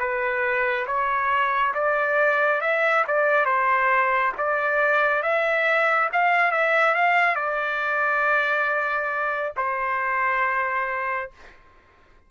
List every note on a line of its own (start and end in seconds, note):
0.00 0.87 B4
0.87 1.74 C#5
1.75 2.62 D5
2.62 3.05 E5
3.08 3.46 D5
3.46 4.33 C5
4.38 5.23 D5
5.23 6.10 E5
6.13 6.52 F5
6.52 6.95 E5
6.95 7.36 F5
7.36 9.53 D5
9.57 11.31 C5